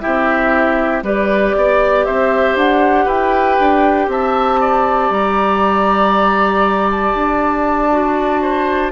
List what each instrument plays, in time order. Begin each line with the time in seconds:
0.00 bassoon C4, clarinet E4, oboe G4, flute E5
1.02 bassoon G3, clarinet G4, oboe B4, flute D5
1.56 bassoon B3, oboe D5
2.05 bassoon C4, oboe C5, flute E5
2.55 bassoon D4, flute F#5
3.05 bassoon E4, oboe B4, flute G5
3.59 bassoon D4
4.08 bassoon C4, oboe E5, flute A5
4.60 oboe D5
5.10 bassoon G3, flute A#5
6.91 flute A5
7.14 bassoon D4
7.92 clarinet F#4
8.42 oboe C5